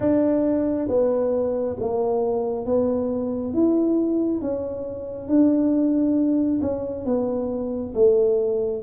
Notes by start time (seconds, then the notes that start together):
0.00 D4
0.88 B3
1.79 A#3
2.65 B3
3.53 E4
4.41 C#4
5.27 D4
6.61 C#4
7.05 B3
7.94 A3